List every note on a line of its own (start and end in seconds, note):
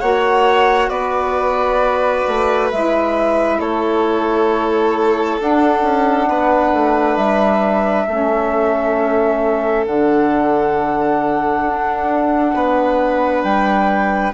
0.00 0.89 A#3
0.00 2.71 F#4
0.00 0.90 C#5
0.00 0.90 F#5
0.89 2.23 B3
0.89 3.58 B4
0.89 2.69 D5
2.28 2.73 A3
2.71 3.60 G#3
2.71 5.39 E4
2.71 3.60 E5
3.60 5.39 A3
3.60 6.29 A4
3.60 5.40 C#5
5.39 8.07 D4
5.39 5.82 D4
5.39 7.17 F#5
5.82 6.27 C#4
6.29 6.73 B3
6.29 8.06 B4
6.73 7.17 A3
7.17 8.07 G3
7.17 9.85 E5
8.06 9.87 A3
8.06 9.86 C#4
8.06 12.54 A4
9.86 11.66 D3
9.86 14.34 D4
9.86 13.44 F#5
11.68 12.54 D4
12.54 13.44 B3
12.54 14.34 B4
13.44 14.33 G3
13.44 14.33 G5